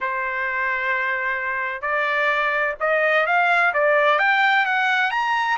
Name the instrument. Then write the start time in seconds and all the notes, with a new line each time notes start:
trumpet
0.00 C5
1.81 D5
2.80 D#5
3.26 F5
3.73 D5
4.19 G5
4.65 F#5
5.11 A#5